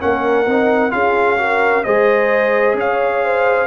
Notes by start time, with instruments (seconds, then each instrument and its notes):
0.00 tuba A#3, trombone C#4, horn A#4, trumpet F#5
0.46 tuba C4, trombone D#4
0.91 tuba C#4, trombone F4, horn G#4, trumpet F5
1.38 trombone F#4, horn A#4
1.83 tuba G#3, trombone G#4, horn C5, trumpet D#5
2.74 tuba C#4, horn C#5, trumpet F5
3.24 horn C5